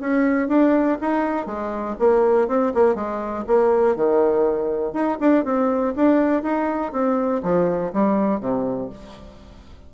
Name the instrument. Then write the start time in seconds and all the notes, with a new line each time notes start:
bassoon
0.00 C#4
0.48 D4
1.01 D#4
1.46 G#3
1.99 A#3
2.48 C4
2.74 A#3
2.95 G#3
3.47 A#3
3.96 D#3
4.93 D#4
5.20 D4
5.45 C4
5.96 D4
6.43 D#4
6.92 C4
7.43 F3
7.93 G3
8.40 C3